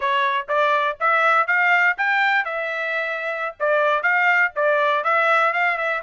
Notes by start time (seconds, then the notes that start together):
0.00 C#5
0.48 D5
0.99 E5
1.47 F5
1.97 G5
2.44 E5
3.59 D5
4.03 F5
4.55 D5
5.03 E5
5.53 F5
5.77 E5